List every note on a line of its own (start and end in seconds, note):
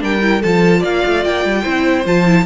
0.00 0.44 G3
0.00 0.20 D4
0.00 0.42 A#4
0.00 0.43 G5
0.22 0.42 E4
0.42 0.84 F3
0.42 1.64 F4
0.42 0.80 A4
0.42 0.83 A5
0.80 1.04 A#3
0.80 1.61 D5
0.80 1.25 F5
1.06 1.25 A3
1.25 1.46 A#3
1.25 2.06 G5
1.46 1.66 G3
1.62 2.06 C4
1.62 2.05 E4
1.62 2.44 C5
2.05 2.46 F3
2.05 2.26 F4
2.05 2.46 A5
2.26 2.46 E4